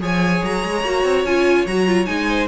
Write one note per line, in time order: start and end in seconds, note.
0.00 0.42 F3
0.00 0.83 G#4
0.00 2.29 C#5
0.00 0.44 G#5
0.43 0.64 F#3
0.43 1.24 A#5
0.64 0.84 G#3
0.84 1.04 A#3
0.84 1.26 F#4
1.04 1.24 C4
1.24 1.65 C#4
1.24 1.67 F4
1.24 1.66 G#5
1.66 2.07 F#3
1.66 1.86 F#4
1.66 2.05 A#5
1.86 2.05 F4
2.05 2.47 G#3
2.05 2.47 D#4
2.05 2.47 G#5
2.29 2.47 C5